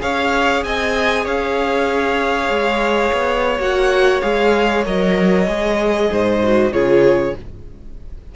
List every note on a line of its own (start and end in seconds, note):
0.00 0.64 C#4
0.00 3.59 G#4
0.00 0.65 C#5
0.00 0.64 F5
0.64 1.26 C4
0.64 1.24 D#5
0.64 1.27 G#5
1.24 2.50 C#4
1.24 6.09 C#5
1.24 3.61 F5
2.50 3.12 G#3
3.13 3.59 B3
3.59 4.22 A#3
3.59 4.22 F#4
3.59 4.22 F#5
4.22 4.86 G#3
4.22 4.85 G#4
4.22 4.84 F5
4.85 5.47 F#3
4.85 5.47 A#4
4.85 6.73 D#5
5.47 6.10 G#3
5.47 6.41 G#4
6.11 6.72 G#2
6.11 6.73 C5
6.43 6.73 F#4
6.72 7.35 C#3
6.72 7.35 F4
6.72 7.36 G#4
6.72 7.35 C#5